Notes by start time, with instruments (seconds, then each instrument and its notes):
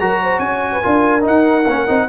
0.00 tuba F#3, trombone F#4, horn A#4, trumpet A#5
0.23 horn C5
0.39 tuba C#4, horn C#5, trumpet G#5
0.73 horn B4
0.83 tuba D4, trombone F4, horn A#4
1.22 trombone D#4, tuba D#4, trumpet F#5
1.67 tuba A#3, trombone C#4
1.87 tuba C4, trombone D#4